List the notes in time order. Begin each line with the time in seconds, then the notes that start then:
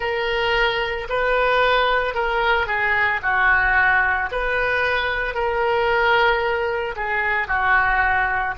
0.00 A#4
1.09 B4
2.14 A#4
2.66 G#4
3.22 F#4
4.31 B4
5.34 A#4
6.96 G#4
7.47 F#4